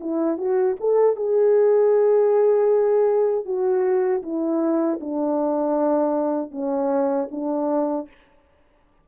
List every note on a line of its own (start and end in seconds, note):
0.00 0.37 E4
0.37 0.76 F#4
0.80 1.16 A4
1.16 3.45 G#4
3.45 4.22 F#4
4.22 4.99 E4
5.00 6.51 D4
6.51 7.28 C#4
7.31 8.08 D4